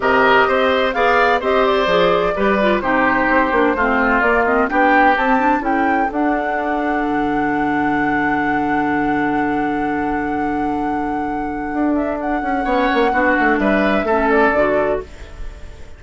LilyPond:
<<
  \new Staff \with { instrumentName = "flute" } { \time 4/4 \tempo 4 = 128 dis''2 f''4 dis''8 d''8~ | d''2 c''2~ | c''4 d''8 dis''8 g''4 a''4 | g''4 fis''2.~ |
fis''1~ | fis''1~ | fis''4. e''8 fis''2~ | fis''4 e''4. d''4. | }
  \new Staff \with { instrumentName = "oboe" } { \time 4/4 ais'4 c''4 d''4 c''4~ | c''4 b'4 g'2 | f'2 g'2 | a'1~ |
a'1~ | a'1~ | a'2. cis''4 | fis'4 b'4 a'2 | }
  \new Staff \with { instrumentName = "clarinet" } { \time 4/4 g'2 gis'4 g'4 | gis'4 g'8 f'8 dis'4. d'8 | c'4 ais8 c'8 d'4 c'8 d'8 | e'4 d'2.~ |
d'1~ | d'1~ | d'2. cis'4 | d'2 cis'4 fis'4 | }
  \new Staff \with { instrumentName = "bassoon" } { \time 4/4 c4 c'4 b4 c'4 | f4 g4 c4 c'8 ais8 | a4 ais4 b4 c'4 | cis'4 d'2 d4~ |
d1~ | d1~ | d4 d'4. cis'8 b8 ais8 | b8 a8 g4 a4 d4 | }
>>